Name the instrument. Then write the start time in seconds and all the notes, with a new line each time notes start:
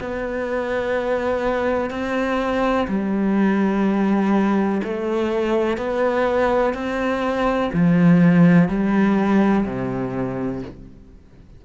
cello
0.00 B3
1.90 C4
2.88 G3
4.84 A3
5.78 B3
6.74 C4
7.73 F3
8.69 G3
9.66 C3